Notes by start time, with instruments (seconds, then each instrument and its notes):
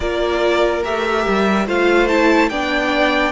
0.00 cello A#3, viola F4, violin A#4 D5
0.83 cello A3, viola G4, violin E5
1.27 cello G3
1.66 cello A3, viola F4, violin C5 F5
2.08 viola E4, violin A5
2.49 cello B3, viola D4, violin D5 G5